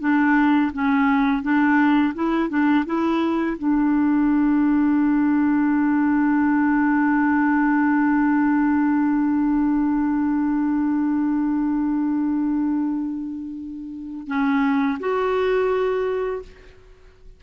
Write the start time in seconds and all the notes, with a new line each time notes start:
0.00 D4
0.73 C#4
1.42 D4
2.15 E4
2.49 D4
2.86 E4
3.58 D4
14.27 C#4
14.99 F#4